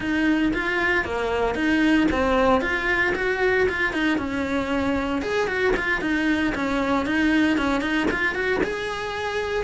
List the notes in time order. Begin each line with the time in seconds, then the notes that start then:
0.00 D#4
0.53 F4
1.04 A#3
1.55 D#4
2.11 C4
2.61 F4
3.15 F#4
3.68 F4
3.93 D#4
4.18 C#4
5.22 G#4
5.47 F#4
5.76 F4
6.01 D#4
6.54 C#4
7.06 D#4
7.57 C#4
7.81 D#4
8.10 F4
8.34 F#4
8.63 G#4